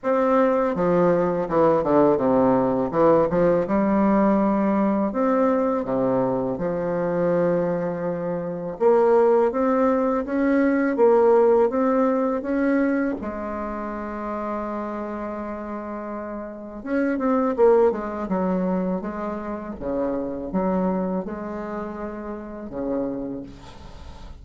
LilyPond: \new Staff \with { instrumentName = "bassoon" } { \time 4/4 \tempo 4 = 82 c'4 f4 e8 d8 c4 | e8 f8 g2 c'4 | c4 f2. | ais4 c'4 cis'4 ais4 |
c'4 cis'4 gis2~ | gis2. cis'8 c'8 | ais8 gis8 fis4 gis4 cis4 | fis4 gis2 cis4 | }